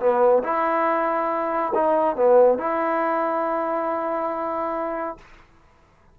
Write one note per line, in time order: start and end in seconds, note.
0.00 0.43 B3
0.44 1.73 E4
1.75 2.16 D#4
2.16 2.59 B3
2.59 5.18 E4